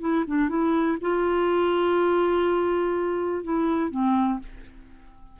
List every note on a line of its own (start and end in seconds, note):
0.00 0.24 E4
0.27 0.49 D4
0.49 0.98 E4
1.01 3.44 F4
3.44 3.91 E4
3.91 4.39 C4